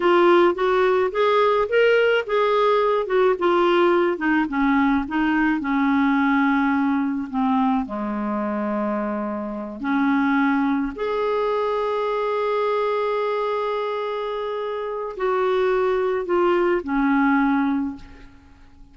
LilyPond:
\new Staff \with { instrumentName = "clarinet" } { \time 4/4 \tempo 4 = 107 f'4 fis'4 gis'4 ais'4 | gis'4. fis'8 f'4. dis'8 | cis'4 dis'4 cis'2~ | cis'4 c'4 gis2~ |
gis4. cis'2 gis'8~ | gis'1~ | gis'2. fis'4~ | fis'4 f'4 cis'2 | }